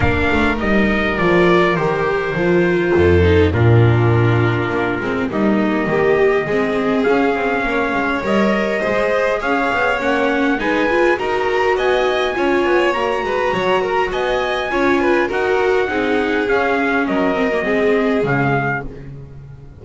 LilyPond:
<<
  \new Staff \with { instrumentName = "trumpet" } { \time 4/4 \tempo 4 = 102 f''4 dis''4 d''4 c''4~ | c''2 ais'2~ | ais'4 dis''2. | f''2 dis''2 |
f''4 fis''4 gis''4 ais''4 | gis''2 ais''2 | gis''2 fis''2 | f''4 dis''2 f''4 | }
  \new Staff \with { instrumentName = "violin" } { \time 4/4 ais'1~ | ais'4 a'4 f'2~ | f'4 dis'4 g'4 gis'4~ | gis'4 cis''2 c''4 |
cis''2 b'4 ais'4 | dis''4 cis''4. b'8 cis''8 ais'8 | dis''4 cis''8 b'8 ais'4 gis'4~ | gis'4 ais'4 gis'2 | }
  \new Staff \with { instrumentName = "viola" } { \time 4/4 d'4 dis'4 f'4 g'4 | f'4. dis'8 d'2~ | d'8 c'8 ais2 c'4 | cis'2 ais'4 gis'4~ |
gis'4 cis'4 dis'8 f'8 fis'4~ | fis'4 f'4 fis'2~ | fis'4 f'4 fis'4 dis'4 | cis'4. c'16 ais16 c'4 gis4 | }
  \new Staff \with { instrumentName = "double bass" } { \time 4/4 ais8 a8 g4 f4 dis4 | f4 f,4 ais,2 | ais8 gis8 g4 dis4 gis4 | cis'8 c'8 ais8 gis8 g4 gis4 |
cis'8 b8 ais4 gis4 dis'4 | b4 cis'8 b8 ais8 gis8 fis4 | b4 cis'4 dis'4 c'4 | cis'4 fis4 gis4 cis4 | }
>>